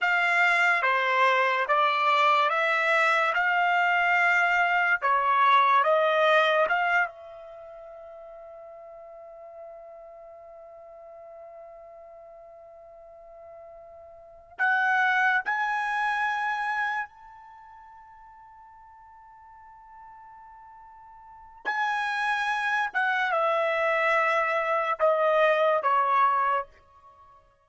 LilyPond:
\new Staff \with { instrumentName = "trumpet" } { \time 4/4 \tempo 4 = 72 f''4 c''4 d''4 e''4 | f''2 cis''4 dis''4 | f''8 e''2.~ e''8~ | e''1~ |
e''4. fis''4 gis''4.~ | gis''8 a''2.~ a''8~ | a''2 gis''4. fis''8 | e''2 dis''4 cis''4 | }